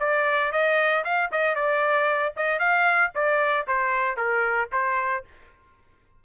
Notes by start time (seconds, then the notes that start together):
0.00 D5
0.52 D#5
1.05 F5
1.31 D#5
1.55 D5
2.36 D#5
2.59 F5
3.15 D5
3.67 C5
4.17 A#4
4.72 C5